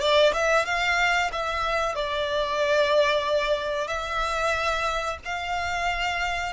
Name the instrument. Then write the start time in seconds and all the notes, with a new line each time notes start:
violin
0.00 D5
0.33 E5
0.66 F5
1.32 E5
1.95 D5
3.87 E5
5.25 F5